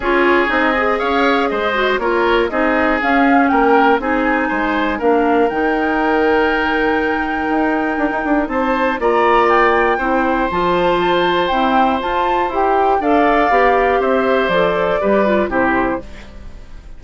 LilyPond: <<
  \new Staff \with { instrumentName = "flute" } { \time 4/4 \tempo 4 = 120 cis''4 dis''4 f''4 dis''4 | cis''4 dis''4 f''4 g''4 | gis''2 f''4 g''4~ | g''1~ |
g''4 a''4 ais''4 g''4~ | g''4 a''2 g''4 | a''4 g''4 f''2 | e''4 d''2 c''4 | }
  \new Staff \with { instrumentName = "oboe" } { \time 4/4 gis'2 cis''4 c''4 | ais'4 gis'2 ais'4 | gis'4 c''4 ais'2~ | ais'1~ |
ais'4 c''4 d''2 | c''1~ | c''2 d''2 | c''2 b'4 g'4 | }
  \new Staff \with { instrumentName = "clarinet" } { \time 4/4 f'4 dis'8 gis'2 fis'8 | f'4 dis'4 cis'2 | dis'2 d'4 dis'4~ | dis'1~ |
dis'2 f'2 | e'4 f'2 c'4 | f'4 g'4 a'4 g'4~ | g'4 a'4 g'8 f'8 e'4 | }
  \new Staff \with { instrumentName = "bassoon" } { \time 4/4 cis'4 c'4 cis'4 gis4 | ais4 c'4 cis'4 ais4 | c'4 gis4 ais4 dis4~ | dis2. dis'4 |
d'16 dis'16 d'8 c'4 ais2 | c'4 f2 e'4 | f'4 e'4 d'4 b4 | c'4 f4 g4 c4 | }
>>